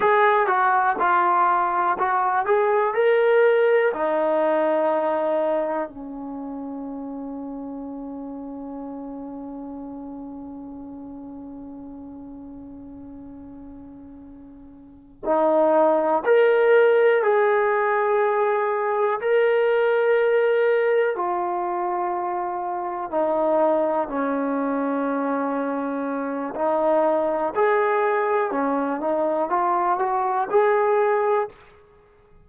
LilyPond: \new Staff \with { instrumentName = "trombone" } { \time 4/4 \tempo 4 = 61 gis'8 fis'8 f'4 fis'8 gis'8 ais'4 | dis'2 cis'2~ | cis'1~ | cis'2.~ cis'8 dis'8~ |
dis'8 ais'4 gis'2 ais'8~ | ais'4. f'2 dis'8~ | dis'8 cis'2~ cis'8 dis'4 | gis'4 cis'8 dis'8 f'8 fis'8 gis'4 | }